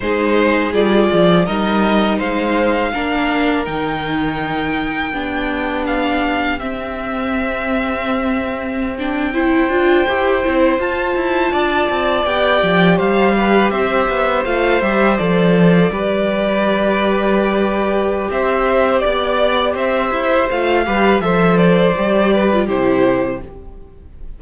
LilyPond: <<
  \new Staff \with { instrumentName = "violin" } { \time 4/4 \tempo 4 = 82 c''4 d''4 dis''4 f''4~ | f''4 g''2. | f''4 e''2.~ | e''16 g''2~ g''8 a''4~ a''16~ |
a''8. g''4 f''4 e''4 f''16~ | f''16 e''8 d''2.~ d''16~ | d''4 e''4 d''4 e''4 | f''4 e''8 d''4. c''4 | }
  \new Staff \with { instrumentName = "violin" } { \time 4/4 gis'2 ais'4 c''4 | ais'2. g'4~ | g'1~ | g'8. c''2. d''16~ |
d''4.~ d''16 c''8 b'8 c''4~ c''16~ | c''4.~ c''16 b'2~ b'16~ | b'4 c''4 d''4 c''4~ | c''8 b'8 c''4. b'8 g'4 | }
  \new Staff \with { instrumentName = "viola" } { \time 4/4 dis'4 f'4 dis'2 | d'4 dis'2 d'4~ | d'4 c'2.~ | c'16 d'8 e'8 f'8 g'8 e'8 f'4~ f'16~ |
f'8. g'2. f'16~ | f'16 g'8 a'4 g'2~ g'16~ | g'1 | f'8 g'8 a'4 g'8. f'16 e'4 | }
  \new Staff \with { instrumentName = "cello" } { \time 4/4 gis4 g8 f8 g4 gis4 | ais4 dis2 b4~ | b4 c'2.~ | c'4~ c'16 d'8 e'8 c'8 f'8 e'8 d'16~ |
d'16 c'8 b8 f8 g4 c'8 b8 a16~ | a16 g8 f4 g2~ g16~ | g4 c'4 b4 c'8 e'8 | a8 g8 f4 g4 c4 | }
>>